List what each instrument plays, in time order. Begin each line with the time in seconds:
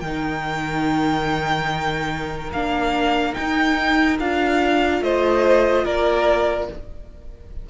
0.00 cello D#3, viola D#4, violin A#4 G5
2.53 cello A#3, viola D4, violin F5
3.33 viola D#4, cello D#4, violin G5
4.19 cello D4, viola F4, violin F5
5.01 cello A3, violin C5 D#5
5.84 cello A#3, violin A#4 D5